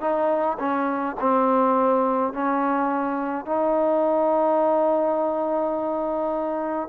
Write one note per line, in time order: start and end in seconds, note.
0.00 0.57 D#4
0.58 1.16 C#4
1.20 2.33 C4
2.33 3.45 C#4
3.45 6.88 D#4